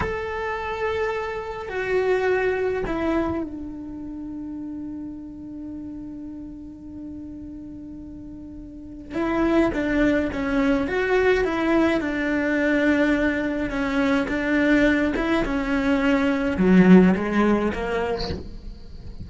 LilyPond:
\new Staff \with { instrumentName = "cello" } { \time 4/4 \tempo 4 = 105 a'2. fis'4~ | fis'4 e'4 d'2~ | d'1~ | d'1 |
e'4 d'4 cis'4 fis'4 | e'4 d'2. | cis'4 d'4. e'8 cis'4~ | cis'4 fis4 gis4 ais4 | }